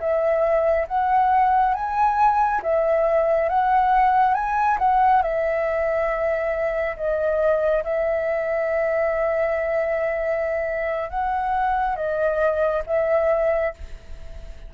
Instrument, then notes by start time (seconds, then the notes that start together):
flute
0.00 E5
0.88 F#5
1.75 G#5
2.63 E5
3.49 F#5
4.34 G#5
4.79 F#5
5.23 E5
6.97 D#5
7.84 E5
11.10 F#5
11.96 D#5
12.87 E5